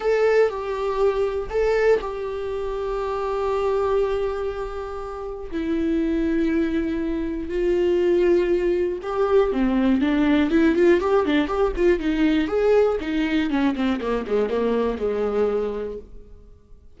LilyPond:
\new Staff \with { instrumentName = "viola" } { \time 4/4 \tempo 4 = 120 a'4 g'2 a'4 | g'1~ | g'2. e'4~ | e'2. f'4~ |
f'2 g'4 c'4 | d'4 e'8 f'8 g'8 d'8 g'8 f'8 | dis'4 gis'4 dis'4 cis'8 c'8 | ais8 gis8 ais4 gis2 | }